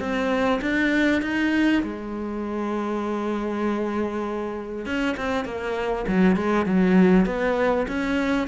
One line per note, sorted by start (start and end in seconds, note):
0.00 0.61 C4
0.61 1.22 D4
1.22 1.83 D#4
1.83 4.86 G#3
4.86 5.16 C#4
5.17 5.45 C4
5.45 6.06 A#3
6.08 6.37 F#3
6.37 6.66 G#3
6.66 7.26 F#3
7.26 7.87 B3
7.88 8.48 C#4